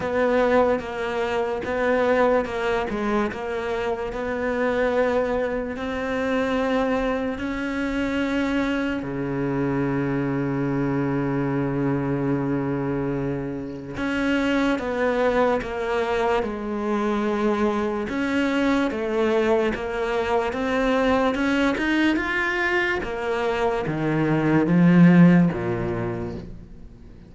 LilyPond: \new Staff \with { instrumentName = "cello" } { \time 4/4 \tempo 4 = 73 b4 ais4 b4 ais8 gis8 | ais4 b2 c'4~ | c'4 cis'2 cis4~ | cis1~ |
cis4 cis'4 b4 ais4 | gis2 cis'4 a4 | ais4 c'4 cis'8 dis'8 f'4 | ais4 dis4 f4 ais,4 | }